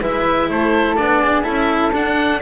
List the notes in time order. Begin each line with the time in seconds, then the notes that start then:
0.00 G#3 E4 B4 E5
0.48 A3 A4 C5
0.96 B3 D4 D5
1.22 G#4
1.43 C#4 E4 A4 E5
1.92 D4 F#5